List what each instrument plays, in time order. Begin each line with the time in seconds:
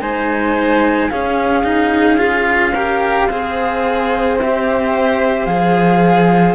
0.00 cello G#3 D#4, violin C5, flute G#5
1.10 cello C#4, violin G#4, flute F5
1.63 cello D#4
2.18 cello F4
2.74 cello G4, violin A#4
3.30 cello C4 G#4, violin C5
4.38 cello G4, flute E5
5.46 cello F3 G#4, flute F5